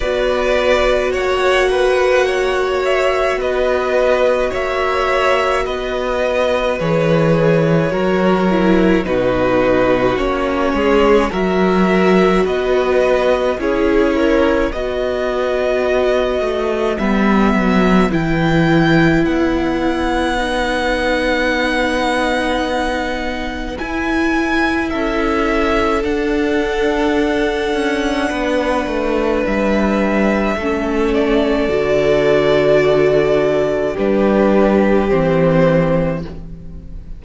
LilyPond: <<
  \new Staff \with { instrumentName = "violin" } { \time 4/4 \tempo 4 = 53 d''4 fis''4. e''8 dis''4 | e''4 dis''4 cis''2 | b'4 cis''4 e''4 dis''4 | cis''4 dis''2 e''4 |
g''4 fis''2.~ | fis''4 gis''4 e''4 fis''4~ | fis''2 e''4. d''8~ | d''2 b'4 c''4 | }
  \new Staff \with { instrumentName = "violin" } { \time 4/4 b'4 cis''8 b'8 cis''4 b'4 | cis''4 b'2 ais'4 | fis'4. gis'8 ais'4 b'4 | gis'8 ais'8 b'2.~ |
b'1~ | b'2 a'2~ | a'4 b'2 a'4~ | a'2 g'2 | }
  \new Staff \with { instrumentName = "viola" } { \time 4/4 fis'1~ | fis'2 gis'4 fis'8 e'8 | dis'4 cis'4 fis'2 | e'4 fis'2 b4 |
e'2 dis'2~ | dis'4 e'2 d'4~ | d'2. cis'4 | fis'2 d'4 c'4 | }
  \new Staff \with { instrumentName = "cello" } { \time 4/4 b4 ais2 b4 | ais4 b4 e4 fis4 | b,4 ais8 gis8 fis4 b4 | cis'4 b4. a8 g8 fis8 |
e4 b2.~ | b4 e'4 cis'4 d'4~ | d'8 cis'8 b8 a8 g4 a4 | d2 g4 e4 | }
>>